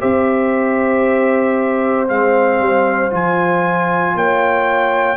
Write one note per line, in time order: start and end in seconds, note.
0.00 2.09 C4
0.00 2.07 G4
0.00 4.14 C5
0.00 2.07 E5
2.07 2.59 G#3
2.07 3.10 C4
2.07 3.12 F5
2.59 3.11 G3
3.10 4.14 F3
3.10 5.17 F4
3.10 4.17 G#5
4.14 5.17 A#3
4.14 5.17 C#5
4.14 5.17 G5